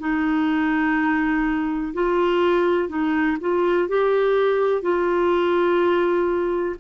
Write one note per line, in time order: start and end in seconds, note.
0.00 1.94 D#4
1.94 2.89 F4
2.89 3.37 D#4
3.40 3.88 F4
3.88 4.82 G4
4.82 6.76 F4